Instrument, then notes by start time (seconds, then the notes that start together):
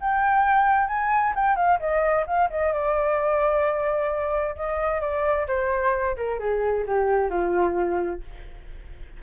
flute
0.00 G5
0.87 G#5
1.35 G5
1.56 F5
1.79 D#5
2.26 F5
2.50 D#5
2.73 D5
4.55 D#5
5.01 D5
5.47 C5
6.16 A#4
6.39 G#4
6.86 G4
7.30 F4